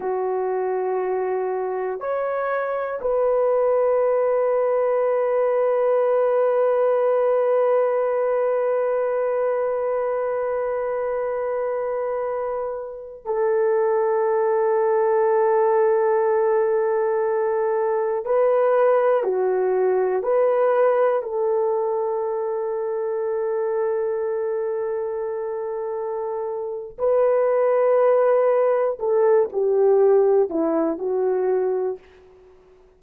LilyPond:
\new Staff \with { instrumentName = "horn" } { \time 4/4 \tempo 4 = 60 fis'2 cis''4 b'4~ | b'1~ | b'1~ | b'4~ b'16 a'2~ a'8.~ |
a'2~ a'16 b'4 fis'8.~ | fis'16 b'4 a'2~ a'8.~ | a'2. b'4~ | b'4 a'8 g'4 e'8 fis'4 | }